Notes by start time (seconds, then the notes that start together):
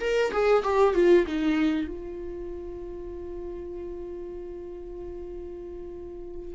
0.00 A#4
0.32 G#4
0.63 G4
0.94 F4
1.26 D#4
1.87 F4